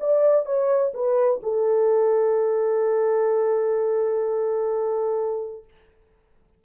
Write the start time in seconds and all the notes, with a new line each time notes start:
0.00 D5
0.46 C#5
0.94 B4
1.43 A4